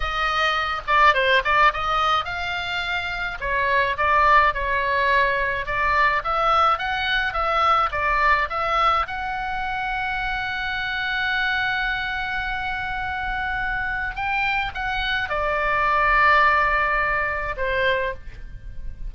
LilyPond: \new Staff \with { instrumentName = "oboe" } { \time 4/4 \tempo 4 = 106 dis''4. d''8 c''8 d''8 dis''4 | f''2 cis''4 d''4 | cis''2 d''4 e''4 | fis''4 e''4 d''4 e''4 |
fis''1~ | fis''1~ | fis''4 g''4 fis''4 d''4~ | d''2. c''4 | }